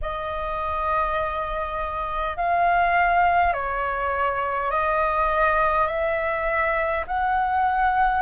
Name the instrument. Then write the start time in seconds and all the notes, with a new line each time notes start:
flute
0.01 D#5
2.36 F5
3.53 C#5
4.71 D#5
5.87 E5
7.06 F#5